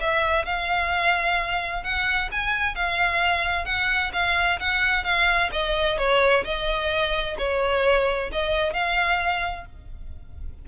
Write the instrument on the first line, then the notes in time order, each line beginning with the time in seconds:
violin
0.00 E5
0.45 F5
1.84 F#5
2.31 G#5
2.75 F5
3.65 F#5
4.13 F5
4.60 F#5
5.04 F5
5.52 D#5
5.98 C#5
6.44 D#5
7.38 C#5
8.32 D#5
8.73 F5